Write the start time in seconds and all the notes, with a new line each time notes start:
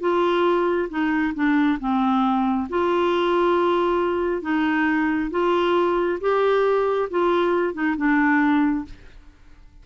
0.00 F4
0.89 D#4
1.34 D4
1.80 C4
2.69 F4
4.42 D#4
5.31 F4
6.20 G4
7.10 F4
7.74 D#4
7.97 D4